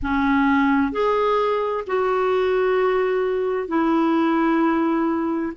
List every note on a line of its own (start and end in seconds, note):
0.02 0.92 C#4
0.92 1.84 G#4
1.87 3.68 F#4
3.68 5.52 E4